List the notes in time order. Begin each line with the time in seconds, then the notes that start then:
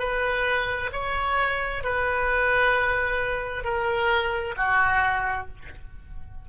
0.00 B4
0.93 C#5
1.84 B4
3.64 A#4
4.57 F#4